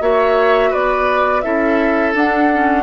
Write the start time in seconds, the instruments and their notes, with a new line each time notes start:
0.00 bassoon A#3, clarinet F#4, oboe C#5, flute E5
0.70 bassoon B3, oboe B4, flute D5
1.41 bassoon C#4, clarinet E4, oboe A4, flute E5
2.14 bassoon D4, clarinet D4, flute F#5
2.53 clarinet C#4